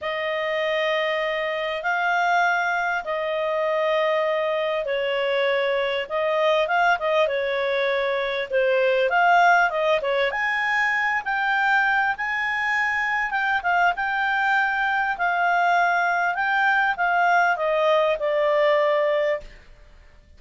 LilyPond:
\new Staff \with { instrumentName = "clarinet" } { \time 4/4 \tempo 4 = 99 dis''2. f''4~ | f''4 dis''2. | cis''2 dis''4 f''8 dis''8 | cis''2 c''4 f''4 |
dis''8 cis''8 gis''4. g''4. | gis''2 g''8 f''8 g''4~ | g''4 f''2 g''4 | f''4 dis''4 d''2 | }